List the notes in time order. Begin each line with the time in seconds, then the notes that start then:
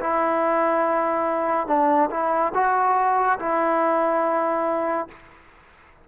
0.00 E4
1.67 D4
2.10 E4
2.54 F#4
3.39 E4